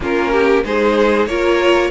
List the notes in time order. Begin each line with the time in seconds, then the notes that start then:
0.00 A#3 C#4 F4 A#4
0.32 G4
0.63 G#3 D#4 G#4 C5
1.27 A#3 F4 A#4 C#5